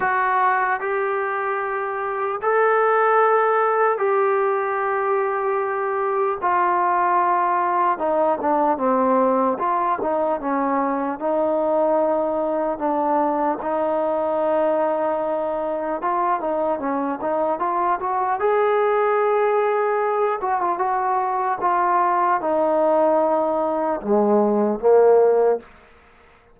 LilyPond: \new Staff \with { instrumentName = "trombone" } { \time 4/4 \tempo 4 = 75 fis'4 g'2 a'4~ | a'4 g'2. | f'2 dis'8 d'8 c'4 | f'8 dis'8 cis'4 dis'2 |
d'4 dis'2. | f'8 dis'8 cis'8 dis'8 f'8 fis'8 gis'4~ | gis'4. fis'16 f'16 fis'4 f'4 | dis'2 gis4 ais4 | }